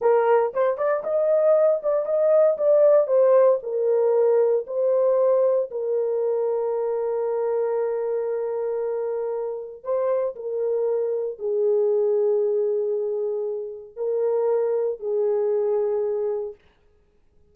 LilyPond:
\new Staff \with { instrumentName = "horn" } { \time 4/4 \tempo 4 = 116 ais'4 c''8 d''8 dis''4. d''8 | dis''4 d''4 c''4 ais'4~ | ais'4 c''2 ais'4~ | ais'1~ |
ais'2. c''4 | ais'2 gis'2~ | gis'2. ais'4~ | ais'4 gis'2. | }